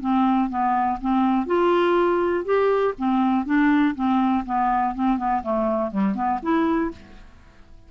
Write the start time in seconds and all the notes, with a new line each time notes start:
0.00 C4
0.49 B3
1.01 C4
1.46 F4
2.44 G4
2.98 C4
3.45 D4
3.95 C4
4.45 B3
4.94 C4
5.18 B3
5.43 A3
5.91 G3
6.15 B3
6.42 E4